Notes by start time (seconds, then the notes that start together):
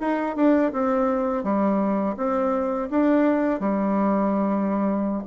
0.00 D#4
0.36 D4
0.72 C4
1.43 G3
2.17 C4
2.90 D4
3.60 G3